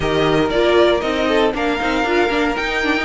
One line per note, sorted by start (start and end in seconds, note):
0.00 0.50 D#3
0.00 0.51 G4
0.00 1.28 A#4
0.00 0.49 D#5
0.50 1.01 A#3
0.50 1.00 F4
0.50 1.00 D5
1.00 1.53 C4
1.00 1.51 D#4
1.00 1.52 D#5
1.28 1.53 A4
1.53 1.79 A#3
1.53 1.79 D4
1.53 3.05 A#4
1.53 2.55 F5
1.79 2.04 C4
1.79 2.04 D#4
2.04 2.29 D4
2.04 2.29 F4
2.29 2.55 A#3
2.29 2.54 D4
2.55 3.05 D#4
2.55 2.83 D#4
2.55 3.05 G5
2.83 2.96 D4
2.96 3.05 D#4